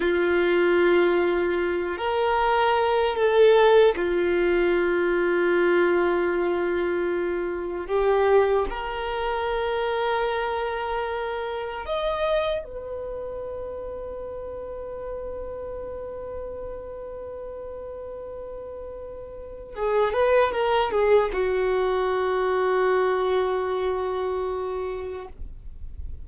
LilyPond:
\new Staff \with { instrumentName = "violin" } { \time 4/4 \tempo 4 = 76 f'2~ f'8 ais'4. | a'4 f'2.~ | f'2 g'4 ais'4~ | ais'2. dis''4 |
b'1~ | b'1~ | b'4 gis'8 b'8 ais'8 gis'8 fis'4~ | fis'1 | }